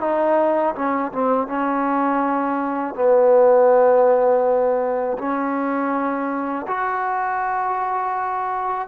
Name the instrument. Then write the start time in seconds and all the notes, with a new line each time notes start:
trombone
0.00 D#4
0.75 C#4
1.12 C4
1.47 C#4
2.95 B3
5.18 C#4
6.67 F#4